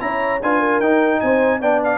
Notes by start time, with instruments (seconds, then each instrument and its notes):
0.00 tuba C#4, trombone E4, horn C#5, trumpet A#5
0.42 tuba D4, trombone F4, horn B4, trumpet G#5
0.60 horn A#4
0.80 tuba D#4, trombone D#4, trumpet G5
1.21 tuba C4, horn C5, trumpet G#5
1.60 tuba B3, trombone D4, horn D5, trumpet G5
1.84 trumpet F5